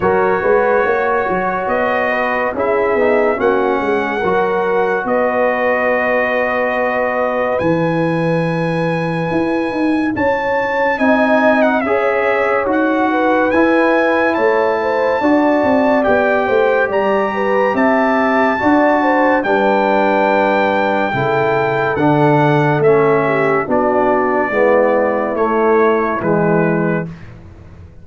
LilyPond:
<<
  \new Staff \with { instrumentName = "trumpet" } { \time 4/4 \tempo 4 = 71 cis''2 dis''4 e''4 | fis''2 dis''2~ | dis''4 gis''2. | a''4 gis''8. fis''16 e''4 fis''4 |
gis''4 a''2 g''4 | ais''4 a''2 g''4~ | g''2 fis''4 e''4 | d''2 cis''4 b'4 | }
  \new Staff \with { instrumentName = "horn" } { \time 4/4 ais'8 b'8 cis''4. b'8 gis'4 | fis'8 gis'8 ais'4 b'2~ | b'1 | cis''4 dis''4 cis''4. b'8~ |
b'4 cis''8 c''8 d''4. c''8 | d''8 b'8 e''4 d''8 c''8 b'4~ | b'4 a'2~ a'8 g'8 | fis'4 e'2. | }
  \new Staff \with { instrumentName = "trombone" } { \time 4/4 fis'2. e'8 dis'8 | cis'4 fis'2.~ | fis'4 e'2.~ | e'4 dis'4 gis'4 fis'4 |
e'2 fis'4 g'4~ | g'2 fis'4 d'4~ | d'4 e'4 d'4 cis'4 | d'4 b4 a4 gis4 | }
  \new Staff \with { instrumentName = "tuba" } { \time 4/4 fis8 gis8 ais8 fis8 b4 cis'8 b8 | ais8 gis8 fis4 b2~ | b4 e2 e'8 dis'8 | cis'4 c'4 cis'4 dis'4 |
e'4 a4 d'8 c'8 b8 a8 | g4 c'4 d'4 g4~ | g4 cis4 d4 a4 | b4 gis4 a4 e4 | }
>>